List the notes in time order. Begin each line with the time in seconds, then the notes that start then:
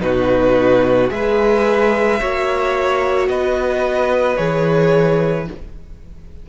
0.00 B2 D#4 F#4 B4
1.08 G#3 G#4 E5
1.15 B4
2.20 A#3 F#4 C#5
3.29 B3 B4 D#5
4.37 E3 G#4 C#5